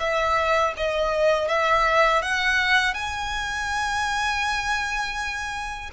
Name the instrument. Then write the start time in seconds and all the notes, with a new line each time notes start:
violin
0.00 E5
0.77 D#5
1.48 E5
2.22 F#5
2.94 G#5